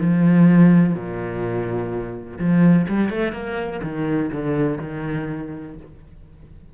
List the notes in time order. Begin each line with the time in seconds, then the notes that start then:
0.00 F3
0.94 A#2
2.39 F3
2.88 G3
3.09 A3
3.32 A#3
3.83 D#3
4.32 D3
4.78 D#3